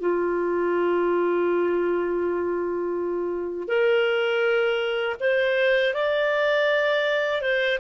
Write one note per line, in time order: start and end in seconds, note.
0.00 3.68 F4
3.68 5.16 A#4
5.20 5.94 C5
5.94 7.42 D5
7.42 7.79 C5